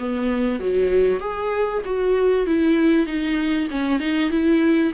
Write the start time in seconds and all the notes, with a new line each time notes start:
0.00 B3
0.60 F#3
1.21 G#4
1.86 F#4
2.47 E4
3.07 D#4
3.71 C#4
4.00 D#4
4.31 E4